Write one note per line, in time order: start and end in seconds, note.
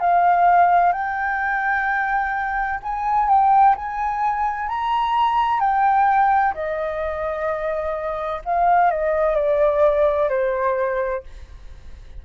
0.00 0.92 F5
0.92 2.80 G5
2.83 3.28 G#5
3.28 3.75 G5
3.75 4.68 G#5
4.68 5.60 A#5
5.60 6.54 G5
6.54 8.42 D#5
8.45 8.91 F5
8.91 9.35 D#5
9.35 10.29 D5
10.29 11.23 C5